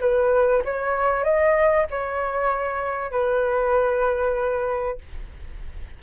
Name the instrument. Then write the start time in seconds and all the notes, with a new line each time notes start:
flute
0.00 B4
0.64 C#5
1.23 D#5
1.90 C#5
3.11 B4